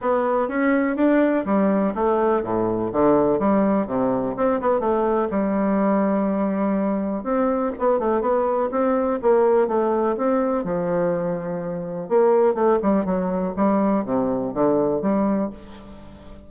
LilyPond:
\new Staff \with { instrumentName = "bassoon" } { \time 4/4 \tempo 4 = 124 b4 cis'4 d'4 g4 | a4 a,4 d4 g4 | c4 c'8 b8 a4 g4~ | g2. c'4 |
b8 a8 b4 c'4 ais4 | a4 c'4 f2~ | f4 ais4 a8 g8 fis4 | g4 c4 d4 g4 | }